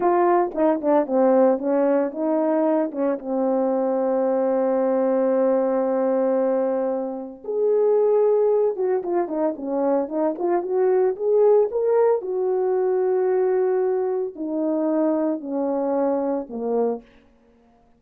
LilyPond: \new Staff \with { instrumentName = "horn" } { \time 4/4 \tempo 4 = 113 f'4 dis'8 d'8 c'4 cis'4 | dis'4. cis'8 c'2~ | c'1~ | c'2 gis'2~ |
gis'8 fis'8 f'8 dis'8 cis'4 dis'8 f'8 | fis'4 gis'4 ais'4 fis'4~ | fis'2. dis'4~ | dis'4 cis'2 ais4 | }